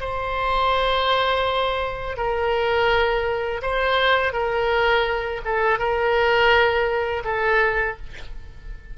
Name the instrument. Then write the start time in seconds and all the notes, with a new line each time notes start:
oboe
0.00 C5
2.17 A#4
3.62 C5
4.33 A#4
5.45 A4
5.79 A#4
7.25 A4